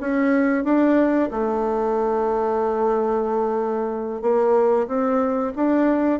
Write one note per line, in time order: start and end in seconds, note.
0.00 0.64 C#4
0.64 1.29 D4
1.31 4.22 A3
4.22 4.87 A#3
4.87 5.53 C4
5.56 6.20 D4